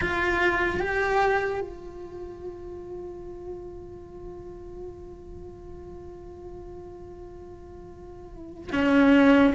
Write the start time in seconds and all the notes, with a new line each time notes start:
0.01 F4
0.80 G4
1.60 F4
8.72 C#4